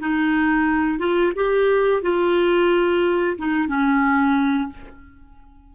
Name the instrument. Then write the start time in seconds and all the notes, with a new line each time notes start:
clarinet
0.00 D#4
0.99 F4
1.36 G4
2.03 F4
3.38 D#4
3.68 C#4